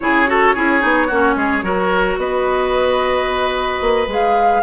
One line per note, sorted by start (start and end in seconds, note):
0.00 0.55 C#3
0.00 0.26 E4
0.00 0.29 G#4
0.00 2.15 C#5
0.26 0.54 F#4
0.26 0.55 A4
0.55 0.83 C#4
0.55 0.80 E4
0.55 1.07 G#4
0.80 1.10 B3
0.80 1.07 D#4
1.07 1.35 A#3
1.07 1.62 C#4
1.07 1.34 F#4
1.35 1.62 G#3
1.35 1.64 G#4
1.62 2.17 F#3
1.62 4.07 F#4
1.62 2.19 A#4
2.17 3.80 B3
2.17 4.63 B4
2.17 4.09 D#5
3.80 4.07 A#3
4.07 4.61 G#3
4.07 4.63 G#4
4.07 4.63 F5